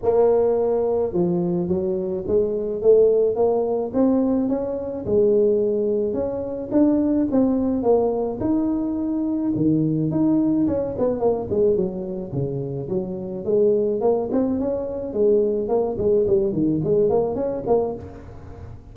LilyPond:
\new Staff \with { instrumentName = "tuba" } { \time 4/4 \tempo 4 = 107 ais2 f4 fis4 | gis4 a4 ais4 c'4 | cis'4 gis2 cis'4 | d'4 c'4 ais4 dis'4~ |
dis'4 dis4 dis'4 cis'8 b8 | ais8 gis8 fis4 cis4 fis4 | gis4 ais8 c'8 cis'4 gis4 | ais8 gis8 g8 dis8 gis8 ais8 cis'8 ais8 | }